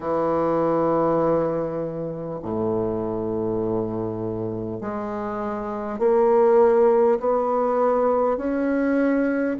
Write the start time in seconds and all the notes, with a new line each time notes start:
0.00 E3
2.42 A2
4.80 G#3
5.98 A#3
7.19 B3
8.37 C#4